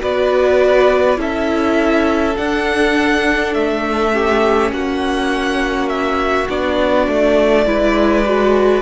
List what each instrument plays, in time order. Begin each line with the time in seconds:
0.00 cello B3, viola F#4, violin B4 D5
1.17 cello C#4, viola E4, violin A4 E5
2.37 viola D4, cello D4, violin F#5
3.54 cello A3, violin E5
4.13 viola C#4, violin G4
4.72 cello A#3, violin F#4 F#5
5.89 violin E5
6.49 cello B3, viola D4, violin D5
7.08 cello A3
7.67 cello G#3, viola E4, violin B4
8.26 viola F#4